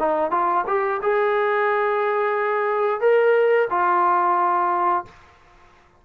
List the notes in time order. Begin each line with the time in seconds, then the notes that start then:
0.00 D#4
0.32 F4
0.68 G4
1.02 G#4
3.01 A#4
3.70 F4